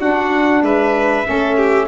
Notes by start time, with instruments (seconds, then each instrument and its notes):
0.00 saxophone D4, tuba D4, violin F#4, trumpet F#5
0.63 tuba G#3, violin B4, trumpet E5
1.25 tuba A3, saxophone C#4, violin A4
1.57 violin G4